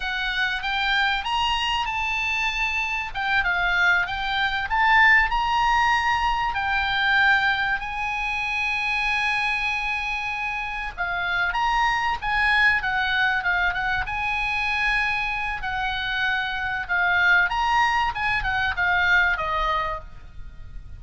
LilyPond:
\new Staff \with { instrumentName = "oboe" } { \time 4/4 \tempo 4 = 96 fis''4 g''4 ais''4 a''4~ | a''4 g''8 f''4 g''4 a''8~ | a''8 ais''2 g''4.~ | g''8 gis''2.~ gis''8~ |
gis''4. f''4 ais''4 gis''8~ | gis''8 fis''4 f''8 fis''8 gis''4.~ | gis''4 fis''2 f''4 | ais''4 gis''8 fis''8 f''4 dis''4 | }